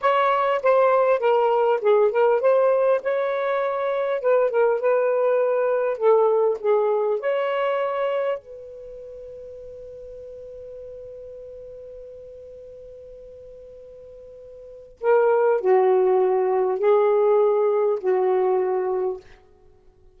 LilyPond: \new Staff \with { instrumentName = "saxophone" } { \time 4/4 \tempo 4 = 100 cis''4 c''4 ais'4 gis'8 ais'8 | c''4 cis''2 b'8 ais'8 | b'2 a'4 gis'4 | cis''2 b'2~ |
b'1~ | b'1~ | b'4 ais'4 fis'2 | gis'2 fis'2 | }